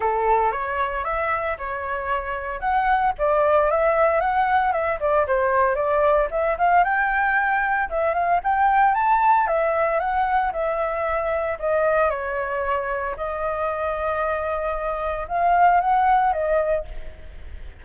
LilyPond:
\new Staff \with { instrumentName = "flute" } { \time 4/4 \tempo 4 = 114 a'4 cis''4 e''4 cis''4~ | cis''4 fis''4 d''4 e''4 | fis''4 e''8 d''8 c''4 d''4 | e''8 f''8 g''2 e''8 f''8 |
g''4 a''4 e''4 fis''4 | e''2 dis''4 cis''4~ | cis''4 dis''2.~ | dis''4 f''4 fis''4 dis''4 | }